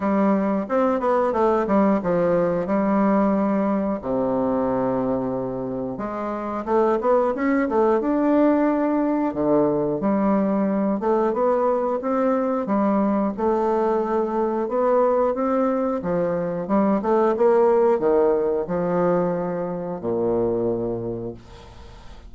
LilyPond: \new Staff \with { instrumentName = "bassoon" } { \time 4/4 \tempo 4 = 90 g4 c'8 b8 a8 g8 f4 | g2 c2~ | c4 gis4 a8 b8 cis'8 a8 | d'2 d4 g4~ |
g8 a8 b4 c'4 g4 | a2 b4 c'4 | f4 g8 a8 ais4 dis4 | f2 ais,2 | }